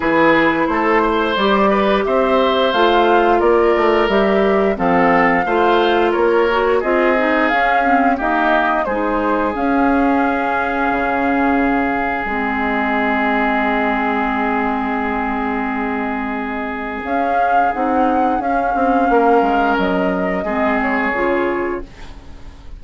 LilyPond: <<
  \new Staff \with { instrumentName = "flute" } { \time 4/4 \tempo 4 = 88 b'4 c''4 d''4 e''4 | f''4 d''4 e''4 f''4~ | f''4 cis''4 dis''4 f''4 | dis''4 c''4 f''2~ |
f''2 dis''2~ | dis''1~ | dis''4 f''4 fis''4 f''4~ | f''4 dis''4. cis''4. | }
  \new Staff \with { instrumentName = "oboe" } { \time 4/4 gis'4 a'8 c''4 b'8 c''4~ | c''4 ais'2 a'4 | c''4 ais'4 gis'2 | g'4 gis'2.~ |
gis'1~ | gis'1~ | gis'1 | ais'2 gis'2 | }
  \new Staff \with { instrumentName = "clarinet" } { \time 4/4 e'2 g'2 | f'2 g'4 c'4 | f'4. fis'8 f'8 dis'8 cis'8 c'8 | ais4 dis'4 cis'2~ |
cis'2 c'2~ | c'1~ | c'4 cis'4 dis'4 cis'4~ | cis'2 c'4 f'4 | }
  \new Staff \with { instrumentName = "bassoon" } { \time 4/4 e4 a4 g4 c'4 | a4 ais8 a8 g4 f4 | a4 ais4 c'4 cis'4 | dis'4 gis4 cis'2 |
cis2 gis2~ | gis1~ | gis4 cis'4 c'4 cis'8 c'8 | ais8 gis8 fis4 gis4 cis4 | }
>>